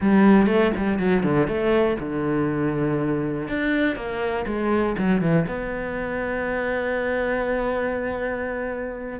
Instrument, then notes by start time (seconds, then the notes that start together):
cello
0.00 G3
0.47 A3
0.76 G3
0.98 F#3
1.23 D3
1.47 A3
1.99 D3
3.48 D4
3.95 A#3
4.46 G#3
4.98 F#3
5.21 E3
5.47 B3